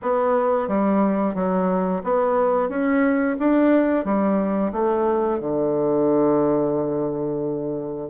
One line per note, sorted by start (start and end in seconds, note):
0.02 0.68 B3
0.68 1.35 G3
1.35 2.02 F#3
2.03 2.69 B3
2.69 3.36 C#4
3.39 4.04 D4
4.04 4.72 G3
4.72 5.39 A3
5.40 8.09 D3